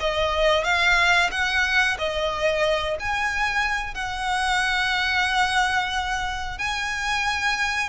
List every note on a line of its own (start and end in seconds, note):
0.00 0.64 D#5
0.64 1.30 F5
1.31 1.97 F#5
1.98 2.97 D#5
2.99 3.94 G#5
3.94 6.58 F#5
6.58 7.89 G#5